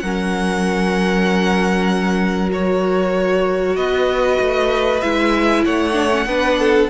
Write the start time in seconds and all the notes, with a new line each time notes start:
0.00 F#3 C#4 A#4 F#5
2.50 F#4 C#5
3.76 B3 B4 D#5
4.40 A3
5.02 G#3 E4 E5
5.65 A3 C#5 F#5
5.93 D4
6.11 C#4
6.26 B3 D4 B4
6.59 A4